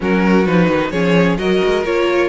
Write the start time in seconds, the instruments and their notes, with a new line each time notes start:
0.00 cello F#3, viola C#4, violin F#4 A#4
0.46 cello F3, viola D#4, violin B4
0.68 cello D#3
0.90 cello F3, viola C#4, violin G#4 C#5
1.37 cello F#3, viola F#4, violin A#4 D#5
1.65 cello G#3
1.85 cello A#3, viola F4, violin C#5